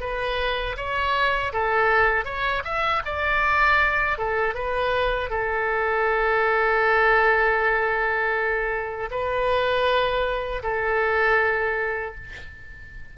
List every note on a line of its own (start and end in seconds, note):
0.00 0.76 B4
0.77 1.53 C#5
1.53 2.25 A4
2.25 2.63 C#5
2.64 3.02 E5
3.06 4.18 D5
4.18 4.54 A4
4.54 5.30 B4
5.30 9.10 A4
9.11 10.63 B4
10.63 12.15 A4